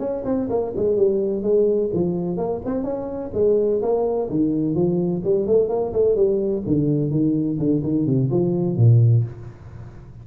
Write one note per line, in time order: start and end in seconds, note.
0.00 0.24 C#4
0.25 0.49 C4
0.50 0.73 A#3
0.76 0.97 G#3
0.97 1.43 G3
1.43 1.90 G#3
1.93 2.38 F3
2.38 2.61 A#3
2.65 2.84 C4
2.84 3.31 C#4
3.34 3.81 G#3
3.82 4.29 A#3
4.30 4.75 D#3
4.75 5.22 F3
5.24 5.47 G3
5.47 5.69 A3
5.69 5.92 A#3
5.93 6.16 A3
6.16 6.63 G3
6.67 7.11 D3
7.11 7.58 D#3
7.59 7.83 D3
7.83 8.06 D#3
8.06 8.30 C3
8.31 8.77 F3
8.77 9.24 A#2